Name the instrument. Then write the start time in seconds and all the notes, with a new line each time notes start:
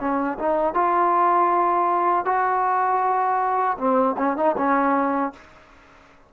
trombone
0.00 C#4
0.39 D#4
0.74 F4
2.25 F#4
3.78 C4
4.18 C#4
4.37 D#4
4.57 C#4